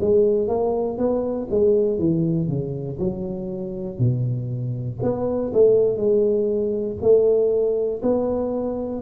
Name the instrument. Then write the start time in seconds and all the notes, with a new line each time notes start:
tuba
0.00 G#3
0.47 A#3
0.98 B3
1.50 G#3
1.98 E3
2.48 C#3
2.99 F#3
3.98 B2
5.02 B3
5.53 A3
5.97 G#3
7.01 A3
8.02 B3